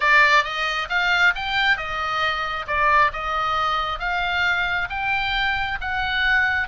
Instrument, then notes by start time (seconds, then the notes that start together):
oboe
0.00 D5
0.44 D#5
0.89 F5
1.35 G5
1.77 D#5
2.67 D5
3.13 D#5
3.99 F5
4.89 G5
5.80 F#5